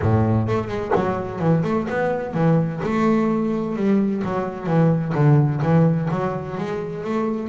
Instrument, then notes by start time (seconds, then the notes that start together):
double bass
0.01 A2
0.47 A3
0.68 G#3
0.95 F#3
1.39 E3
1.63 A3
1.89 B3
2.34 E3
2.83 A3
3.76 G3
4.24 F#3
4.66 E3
5.14 D3
5.61 E3
6.11 F#3
6.57 G#3
7.03 A3